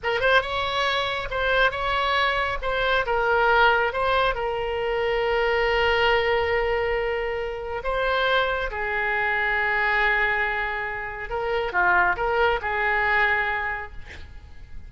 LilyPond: \new Staff \with { instrumentName = "oboe" } { \time 4/4 \tempo 4 = 138 ais'8 c''8 cis''2 c''4 | cis''2 c''4 ais'4~ | ais'4 c''4 ais'2~ | ais'1~ |
ais'2 c''2 | gis'1~ | gis'2 ais'4 f'4 | ais'4 gis'2. | }